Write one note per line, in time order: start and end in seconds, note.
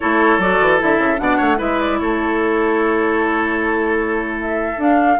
0.00 0.38 A3
0.00 0.40 E4
0.00 1.21 A4
0.00 0.40 C#5
0.38 0.58 F#3
0.38 0.79 F#4
0.38 0.80 D5
0.60 0.80 E3
0.79 0.98 D3
0.79 1.17 E4
0.79 1.19 E5
0.98 1.18 C#3
1.17 1.39 B2
1.17 1.57 D4
1.17 1.37 D5
1.17 1.59 F#5
1.37 1.60 A3
1.37 1.57 C#5
1.57 2.00 G#3
1.57 4.77 E4
1.57 1.98 B4
1.57 1.80 E5
1.80 1.99 D5
1.99 4.77 A3
1.99 5.19 A4
1.99 4.39 C#5
4.41 4.81 E5
4.77 5.17 D4
4.77 5.19 F5